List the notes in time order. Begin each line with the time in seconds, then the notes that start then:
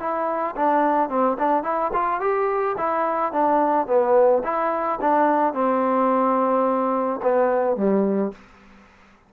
0.00 E4
0.57 D4
1.10 C4
1.39 D4
1.64 E4
1.93 F4
2.21 G4
2.78 E4
3.33 D4
3.87 B3
4.44 E4
5.02 D4
5.54 C4
7.23 B3
7.77 G3